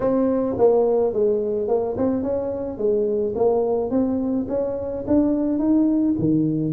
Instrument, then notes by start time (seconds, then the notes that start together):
tuba
0.00 C4
0.58 A#3
1.13 G#3
1.67 A#3
1.97 C4
2.23 C#4
2.77 G#3
3.35 A#3
3.90 C4
4.48 C#4
5.07 D4
5.58 D#4
6.18 D#3